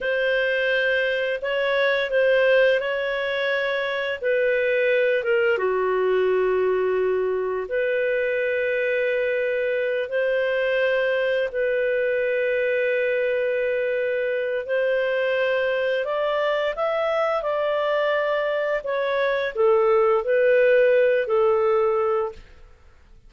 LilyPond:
\new Staff \with { instrumentName = "clarinet" } { \time 4/4 \tempo 4 = 86 c''2 cis''4 c''4 | cis''2 b'4. ais'8 | fis'2. b'4~ | b'2~ b'8 c''4.~ |
c''8 b'2.~ b'8~ | b'4 c''2 d''4 | e''4 d''2 cis''4 | a'4 b'4. a'4. | }